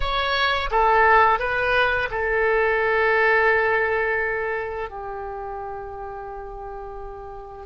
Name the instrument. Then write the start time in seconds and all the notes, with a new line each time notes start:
oboe
0.00 C#5
0.70 A4
1.39 B4
2.11 A4
4.89 G4